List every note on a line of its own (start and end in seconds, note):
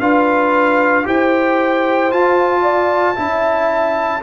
0.00 1.05 D4
0.00 1.05 F4
0.00 1.06 B4
0.00 1.06 F5
1.05 2.11 E4
1.05 2.10 G4
1.05 2.62 C5
1.05 2.12 G5
2.10 3.16 F4
2.10 3.17 F4
2.10 4.23 A5
2.62 3.15 D5
3.16 4.23 C#4
3.16 4.21 E4
3.16 4.23 E5